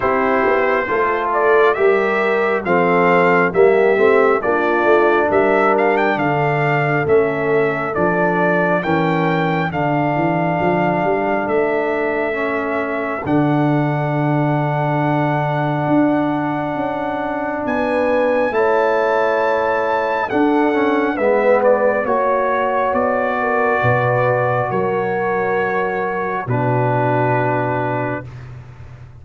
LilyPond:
<<
  \new Staff \with { instrumentName = "trumpet" } { \time 4/4 \tempo 4 = 68 c''4. d''8 e''4 f''4 | e''4 d''4 e''8 f''16 g''16 f''4 | e''4 d''4 g''4 f''4~ | f''4 e''2 fis''4~ |
fis''1 | gis''4 a''2 fis''4 | e''8 d''8 cis''4 d''2 | cis''2 b'2 | }
  \new Staff \with { instrumentName = "horn" } { \time 4/4 g'4 a'4 ais'4 a'4 | g'4 f'4 ais'4 a'4~ | a'2 ais'4 a'4~ | a'1~ |
a'1 | b'4 cis''2 a'4 | b'4 cis''4. ais'8 b'4 | ais'2 fis'2 | }
  \new Staff \with { instrumentName = "trombone" } { \time 4/4 e'4 f'4 g'4 c'4 | ais8 c'8 d'2. | cis'4 d'4 cis'4 d'4~ | d'2 cis'4 d'4~ |
d'1~ | d'4 e'2 d'8 cis'8 | b4 fis'2.~ | fis'2 d'2 | }
  \new Staff \with { instrumentName = "tuba" } { \time 4/4 c'8 b8 a4 g4 f4 | g8 a8 ais8 a8 g4 d4 | a4 f4 e4 d8 e8 | f8 g8 a2 d4~ |
d2 d'4 cis'4 | b4 a2 d'4 | gis4 ais4 b4 b,4 | fis2 b,2 | }
>>